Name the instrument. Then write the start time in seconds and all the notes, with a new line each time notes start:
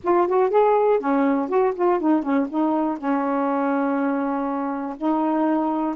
saxophone
0.03 F4
0.27 F#4
0.50 G#4
0.99 C#4
1.49 F#4
1.75 F4
2.00 D#4
2.22 C#4
2.49 D#4
2.98 C#4
4.97 D#4